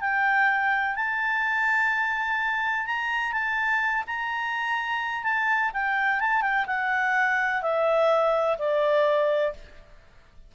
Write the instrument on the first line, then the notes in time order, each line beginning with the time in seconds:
clarinet
0.00 G5
0.95 A5
2.86 A#5
3.32 A5
4.07 A#5
5.23 A5
5.73 G5
6.20 A5
6.42 G5
6.66 F#5
7.61 E5
8.58 D5